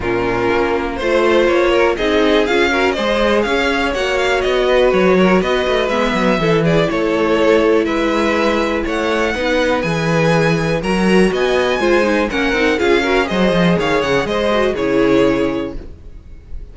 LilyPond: <<
  \new Staff \with { instrumentName = "violin" } { \time 4/4 \tempo 4 = 122 ais'2 c''4 cis''4 | dis''4 f''4 dis''4 f''4 | fis''8 f''8 dis''4 cis''4 dis''4 | e''4. d''8 cis''2 |
e''2 fis''2 | gis''2 ais''4 gis''4~ | gis''4 fis''4 f''4 dis''4 | f''8 fis''8 dis''4 cis''2 | }
  \new Staff \with { instrumentName = "violin" } { \time 4/4 f'2 c''4. ais'8 | gis'4. ais'8 c''4 cis''4~ | cis''4. b'4 ais'8 b'4~ | b'4 a'8 gis'8 a'2 |
b'2 cis''4 b'4~ | b'2 ais'4 dis''4 | c''4 ais'4 gis'8 ais'8 c''4 | cis''4 c''4 gis'2 | }
  \new Staff \with { instrumentName = "viola" } { \time 4/4 cis'2 f'2 | dis'4 f'8 fis'8 gis'2 | fis'1 | b4 e'2.~ |
e'2. dis'4 | gis'2 fis'2 | f'8 dis'8 cis'8 dis'8 f'8 fis'8 gis'4~ | gis'4. fis'8 e'2 | }
  \new Staff \with { instrumentName = "cello" } { \time 4/4 ais,4 ais4 a4 ais4 | c'4 cis'4 gis4 cis'4 | ais4 b4 fis4 b8 a8 | gis8 fis8 e4 a2 |
gis2 a4 b4 | e2 fis4 b4 | gis4 ais8 c'8 cis'4 fis8 f8 | dis8 cis8 gis4 cis2 | }
>>